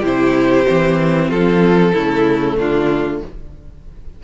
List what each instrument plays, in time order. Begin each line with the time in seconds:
0.00 cello C3, viola E4, violin G4 C5
0.65 cello E3, viola C4
1.28 cello F3, violin F4 A4
1.93 cello C#3, viola A3, violin E4
2.58 cello D3, violin D4 F4